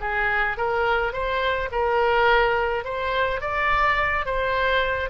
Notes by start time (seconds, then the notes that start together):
0.00 G#4
0.57 A#4
1.12 C5
1.71 A#4
2.84 C5
3.40 D5
4.25 C5